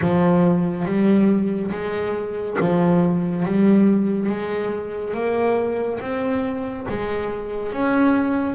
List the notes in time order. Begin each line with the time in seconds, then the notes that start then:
0.01 F3
0.85 G3
1.71 G#3
2.59 F3
3.45 G3
4.29 G#3
5.14 A#3
6.00 C4
6.88 G#3
7.72 C#4